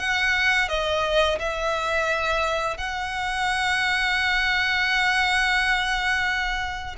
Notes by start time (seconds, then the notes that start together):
0.00 F#5
0.69 D#5
1.39 E5
2.77 F#5